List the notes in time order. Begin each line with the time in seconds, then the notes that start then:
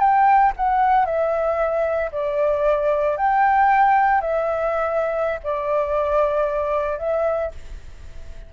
0.00 G5
0.57 F#5
1.06 E5
2.12 D5
3.17 G5
4.21 E5
5.44 D5
6.99 E5